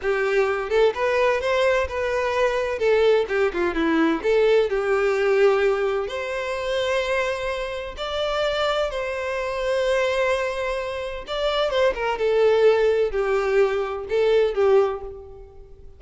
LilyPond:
\new Staff \with { instrumentName = "violin" } { \time 4/4 \tempo 4 = 128 g'4. a'8 b'4 c''4 | b'2 a'4 g'8 f'8 | e'4 a'4 g'2~ | g'4 c''2.~ |
c''4 d''2 c''4~ | c''1 | d''4 c''8 ais'8 a'2 | g'2 a'4 g'4 | }